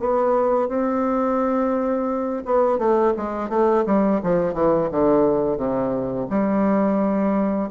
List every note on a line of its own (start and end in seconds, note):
0.00 0.69 B3
0.69 2.44 C4
2.46 2.79 B3
2.79 3.14 A3
3.17 3.50 G#3
3.50 3.85 A3
3.86 4.21 G3
4.24 4.54 F3
4.54 4.89 E3
4.92 5.58 D3
5.58 6.27 C3
6.30 7.70 G3